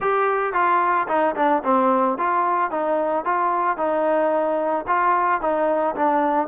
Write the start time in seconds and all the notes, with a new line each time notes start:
0.00 G4
0.53 F4
1.08 D#4
1.35 D4
1.64 C4
2.17 F4
2.70 D#4
3.24 F4
3.77 D#4
4.87 F4
5.41 D#4
5.95 D4